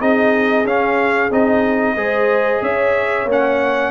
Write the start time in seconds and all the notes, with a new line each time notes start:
0.00 C4 D#4 G#4 D#5
0.65 C#4 F5
1.31 C4 D#4 D#5
1.96 G#3 G#4 C5
2.62 C#4 C#5 E5
3.26 A#3 C#4
3.32 F#5